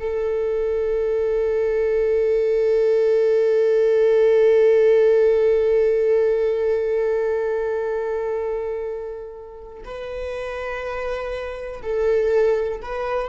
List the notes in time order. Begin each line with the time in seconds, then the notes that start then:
0.00 A4
9.85 B4
11.83 A4
12.82 B4